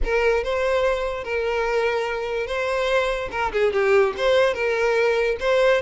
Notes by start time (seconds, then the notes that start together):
0.03 A#4
0.43 C5
1.24 A#4
2.46 C5
3.31 A#4
3.52 G#4
3.72 G4
4.17 C5
4.54 A#4
5.40 C5